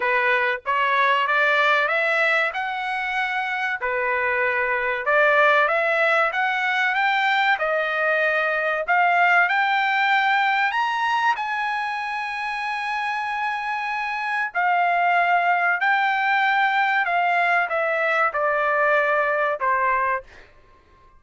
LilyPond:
\new Staff \with { instrumentName = "trumpet" } { \time 4/4 \tempo 4 = 95 b'4 cis''4 d''4 e''4 | fis''2 b'2 | d''4 e''4 fis''4 g''4 | dis''2 f''4 g''4~ |
g''4 ais''4 gis''2~ | gis''2. f''4~ | f''4 g''2 f''4 | e''4 d''2 c''4 | }